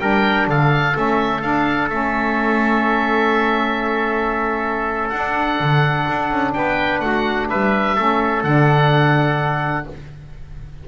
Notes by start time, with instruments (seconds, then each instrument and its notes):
0.00 double bass G3, saxophone D4, trumpet A#4, oboe G5
0.47 double bass D3, trumpet A4, oboe F5
0.94 double bass A3, saxophone C#4, oboe E5
1.42 saxophone D4, double bass D4, oboe F5
1.90 double bass A3, saxophone C#4, oboe E5
5.09 double bass D4, saxophone D4, oboe F#5
5.60 double bass D3
6.09 double bass D4
6.31 double bass C#4
6.54 double bass B3, trumpet B4, oboe G5
7.00 double bass A3, trumpet F#4, oboe F#5
7.50 double bass G3, trumpet B4, oboe E5
7.96 double bass A3, saxophone C#4, trumpet A4
8.44 double bass D3, saxophone D4, oboe F#5